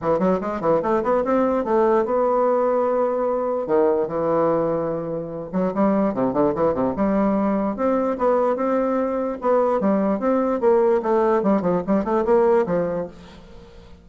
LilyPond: \new Staff \with { instrumentName = "bassoon" } { \time 4/4 \tempo 4 = 147 e8 fis8 gis8 e8 a8 b8 c'4 | a4 b2.~ | b4 dis4 e2~ | e4. fis8 g4 c8 d8 |
e8 c8 g2 c'4 | b4 c'2 b4 | g4 c'4 ais4 a4 | g8 f8 g8 a8 ais4 f4 | }